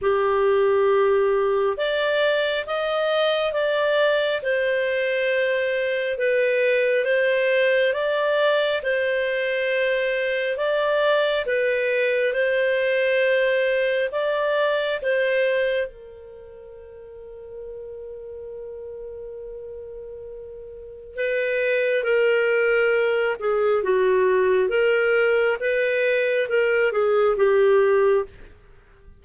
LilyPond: \new Staff \with { instrumentName = "clarinet" } { \time 4/4 \tempo 4 = 68 g'2 d''4 dis''4 | d''4 c''2 b'4 | c''4 d''4 c''2 | d''4 b'4 c''2 |
d''4 c''4 ais'2~ | ais'1 | b'4 ais'4. gis'8 fis'4 | ais'4 b'4 ais'8 gis'8 g'4 | }